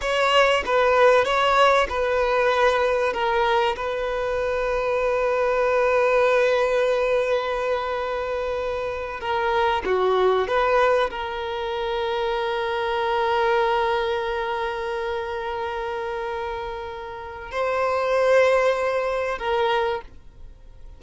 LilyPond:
\new Staff \with { instrumentName = "violin" } { \time 4/4 \tempo 4 = 96 cis''4 b'4 cis''4 b'4~ | b'4 ais'4 b'2~ | b'1~ | b'2~ b'8. ais'4 fis'16~ |
fis'8. b'4 ais'2~ ais'16~ | ais'1~ | ais'1 | c''2. ais'4 | }